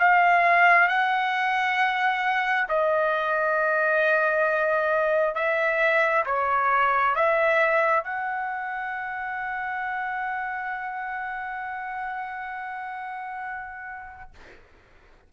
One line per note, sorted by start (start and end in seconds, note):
0.00 0.89 F5
0.89 2.68 F#5
2.69 5.36 D#5
5.36 6.25 E5
6.26 7.16 C#5
7.16 8.04 E5
8.04 14.31 F#5